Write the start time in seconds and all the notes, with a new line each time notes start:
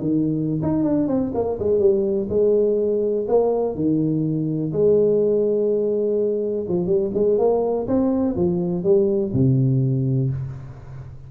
0.00 D#3
0.62 D#4
0.84 D4
1.08 C4
1.34 A#3
1.59 G#3
1.79 G3
2.29 G#3
3.28 A#3
3.75 D#3
4.72 G#3
6.68 F3
6.86 G3
7.14 G#3
7.38 A#3
7.87 C4
8.36 F3
8.84 G3
9.33 C3